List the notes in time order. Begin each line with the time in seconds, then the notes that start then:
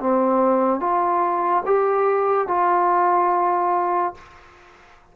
0.00 C4
0.80 F4
1.66 G4
2.48 F4